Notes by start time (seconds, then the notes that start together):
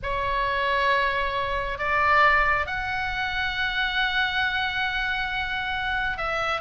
0.02 C#5
1.78 D5
2.66 F#5
6.17 E5